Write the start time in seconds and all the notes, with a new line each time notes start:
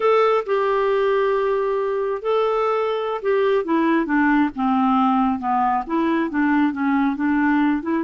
0.00 A4
0.45 G4
2.21 A4
3.21 G4
3.64 E4
4.05 D4
4.55 C4
5.39 B3
5.86 E4
6.30 D4
6.72 C#4
7.16 D4
7.82 E4